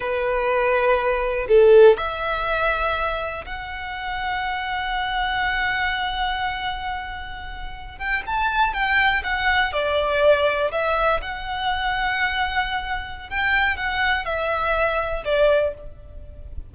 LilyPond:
\new Staff \with { instrumentName = "violin" } { \time 4/4 \tempo 4 = 122 b'2. a'4 | e''2. fis''4~ | fis''1~ | fis''1~ |
fis''16 g''8 a''4 g''4 fis''4 d''16~ | d''4.~ d''16 e''4 fis''4~ fis''16~ | fis''2. g''4 | fis''4 e''2 d''4 | }